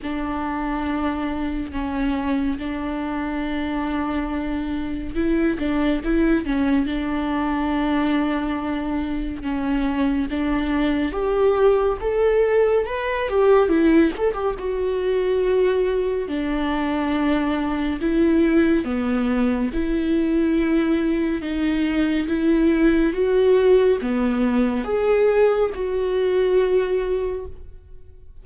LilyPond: \new Staff \with { instrumentName = "viola" } { \time 4/4 \tempo 4 = 70 d'2 cis'4 d'4~ | d'2 e'8 d'8 e'8 cis'8 | d'2. cis'4 | d'4 g'4 a'4 b'8 g'8 |
e'8 a'16 g'16 fis'2 d'4~ | d'4 e'4 b4 e'4~ | e'4 dis'4 e'4 fis'4 | b4 gis'4 fis'2 | }